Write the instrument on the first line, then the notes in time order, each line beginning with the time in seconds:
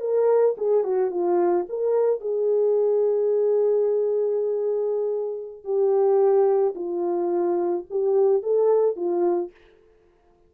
horn
0.00 A#4
0.57 G#4
0.84 F#4
1.11 F4
1.69 A#4
2.20 G#4
5.64 G4
6.75 F4
7.90 G4
8.43 A4
8.96 F4